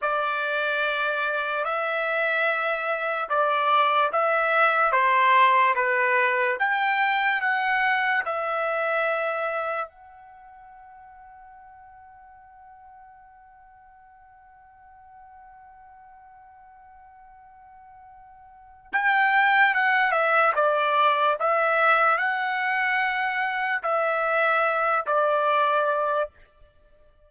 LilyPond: \new Staff \with { instrumentName = "trumpet" } { \time 4/4 \tempo 4 = 73 d''2 e''2 | d''4 e''4 c''4 b'4 | g''4 fis''4 e''2 | fis''1~ |
fis''1~ | fis''2. g''4 | fis''8 e''8 d''4 e''4 fis''4~ | fis''4 e''4. d''4. | }